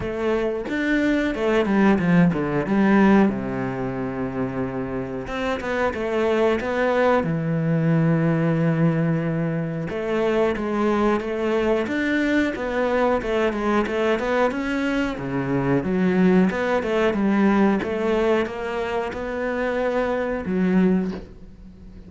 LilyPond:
\new Staff \with { instrumentName = "cello" } { \time 4/4 \tempo 4 = 91 a4 d'4 a8 g8 f8 d8 | g4 c2. | c'8 b8 a4 b4 e4~ | e2. a4 |
gis4 a4 d'4 b4 | a8 gis8 a8 b8 cis'4 cis4 | fis4 b8 a8 g4 a4 | ais4 b2 fis4 | }